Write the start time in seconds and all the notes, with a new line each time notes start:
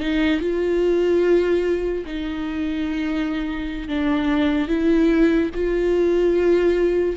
0.00 D#4
0.40 F4
2.05 D#4
3.88 D4
4.68 E4
5.54 F4